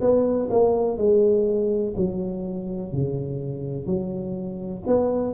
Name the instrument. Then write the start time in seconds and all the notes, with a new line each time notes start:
tuba
0.00 B3
0.50 A#3
0.97 G#3
1.96 F#3
2.92 C#3
3.86 F#3
4.86 B3